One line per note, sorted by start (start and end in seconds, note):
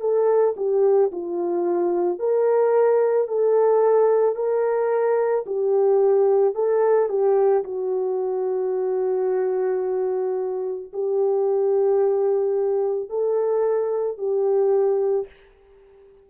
0.00 0.55 A4
0.57 1.11 G4
1.12 2.19 F4
2.19 3.28 A#4
3.28 4.35 A4
4.35 5.44 A#4
5.46 6.55 G4
6.55 7.09 A4
7.09 7.64 G4
7.64 10.91 F#4
10.93 13.09 G4
13.09 14.18 A4
14.18 15.27 G4